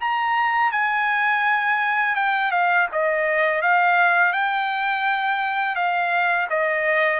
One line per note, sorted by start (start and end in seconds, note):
0.00 0.71 A#5
0.71 2.15 G#5
2.15 2.51 G5
2.51 2.87 F5
2.92 3.61 D#5
3.61 4.32 F5
4.32 5.75 G5
5.75 6.47 F5
6.50 7.20 D#5